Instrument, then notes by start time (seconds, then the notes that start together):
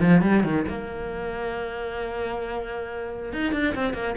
cello
0.00 F3
0.22 G3
0.44 D#3
0.68 A#3
3.33 D#4
3.53 D4
3.75 C4
3.94 A#3